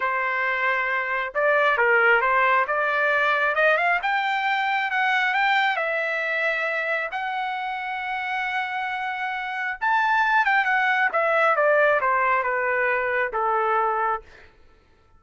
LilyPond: \new Staff \with { instrumentName = "trumpet" } { \time 4/4 \tempo 4 = 135 c''2. d''4 | ais'4 c''4 d''2 | dis''8 f''8 g''2 fis''4 | g''4 e''2. |
fis''1~ | fis''2 a''4. g''8 | fis''4 e''4 d''4 c''4 | b'2 a'2 | }